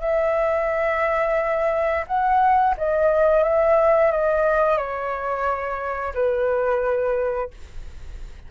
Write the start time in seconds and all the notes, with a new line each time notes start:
0.00 E5
2.07 F#5
2.77 D#5
3.43 E5
4.11 D#5
4.77 C#5
6.14 B4